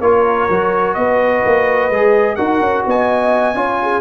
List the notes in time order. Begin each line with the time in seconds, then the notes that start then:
0.00 A#3 F4 A#4 C#5
0.49 F#3 F#4
0.94 B3 B4 D#5
1.45 A#3
1.90 G#3 G#4
2.35 D#4 F#4 A#4 F#5
2.60 C#4
2.86 B3 D#5 G#5
3.54 C#4 F4 C#5
3.82 G#4